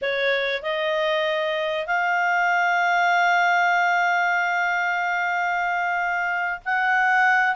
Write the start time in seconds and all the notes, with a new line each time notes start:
0.01 C#5
0.62 D#5
1.86 F5
6.65 F#5